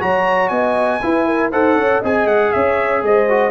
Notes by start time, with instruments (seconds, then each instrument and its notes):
0.00 tuba F#3, trombone F#4, horn C#5, trumpet A#5
0.49 tuba B3, horn D#5, trumpet G#5
1.03 trombone E4, tuba E4, horn B4
1.27 horn A#4
1.52 tuba D#4, trombone A4, horn C5, trumpet F#5
1.75 tuba C#4, horn C#5
2.00 tuba C4, trombone G#4, horn D#5, trumpet G#5
2.26 tuba G#3, trumpet F#5
2.53 tuba C#4, horn C#5, trumpet E5
3.03 tuba G#3, horn C5, trumpet D#5
3.30 trombone F#4